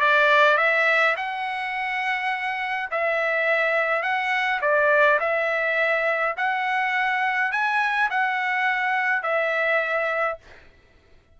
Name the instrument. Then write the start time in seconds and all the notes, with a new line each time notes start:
trumpet
0.00 D5
0.57 E5
1.16 F#5
2.91 E5
4.03 F#5
4.61 D5
5.20 E5
6.37 F#5
7.52 G#5
8.10 F#5
9.23 E5